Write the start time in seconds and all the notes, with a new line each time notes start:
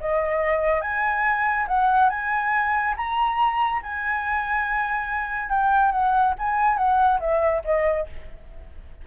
0.00 D#5
0.81 G#5
1.67 F#5
2.09 G#5
2.97 A#5
3.82 G#5
5.49 G5
5.91 F#5
6.38 G#5
6.77 F#5
7.20 E5
7.64 D#5